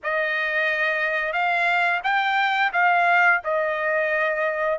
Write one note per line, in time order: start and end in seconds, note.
0.03 1.32 D#5
1.32 2.01 F5
2.03 2.71 G5
2.73 3.41 F5
3.43 4.79 D#5